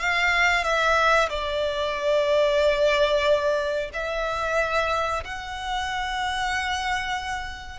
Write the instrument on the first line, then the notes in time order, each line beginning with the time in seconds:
violin
0.00 F5
0.63 E5
1.29 D5
3.93 E5
5.24 F#5